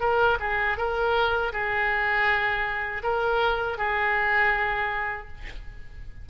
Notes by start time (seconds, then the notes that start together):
0.00 A#4
0.40 G#4
0.77 A#4
1.52 G#4
3.02 A#4
3.77 G#4